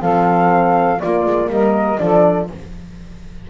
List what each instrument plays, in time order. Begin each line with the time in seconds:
0.00 double bass F3, horn C4, saxophone A4, flute F5
0.99 horn A#3, double bass A#3, saxophone F4, flute D5
1.26 double bass G#3
1.49 double bass G3, saxophone A#4, flute D#5
1.98 double bass F3, horn D4, saxophone A4, flute D5